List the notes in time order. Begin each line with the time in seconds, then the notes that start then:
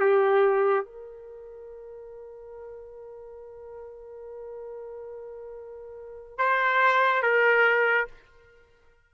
0.00 G4
0.85 A#4
6.38 C5
7.23 A#4